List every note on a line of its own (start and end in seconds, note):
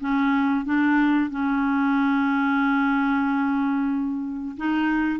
0.00 0.65 C#4
0.65 1.30 D4
1.30 4.56 C#4
4.57 5.20 D#4